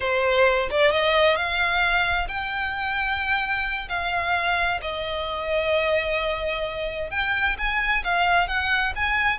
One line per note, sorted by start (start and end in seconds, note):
0.00 0.69 C5
0.70 0.91 D5
0.91 1.36 D#5
1.36 2.27 F5
2.28 3.88 G5
3.88 4.80 F5
4.81 7.10 D#5
7.10 7.56 G5
7.57 8.03 G#5
8.04 8.47 F5
8.47 8.93 F#5
8.95 9.38 G#5